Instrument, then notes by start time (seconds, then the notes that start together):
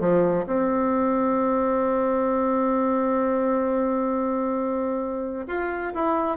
bassoon
0.00 F3
0.47 C4
5.48 F4
5.95 E4